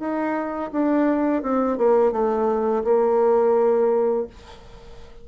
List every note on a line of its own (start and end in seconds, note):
0.00 0.71 D#4
0.73 1.43 D4
1.43 1.78 C4
1.78 2.13 A#3
2.13 2.84 A3
2.84 4.27 A#3